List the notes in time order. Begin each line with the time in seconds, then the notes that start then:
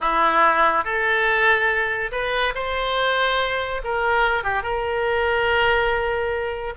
0.00 E4
0.84 A4
2.11 B4
2.54 C5
3.84 A#4
4.43 G4
4.62 A#4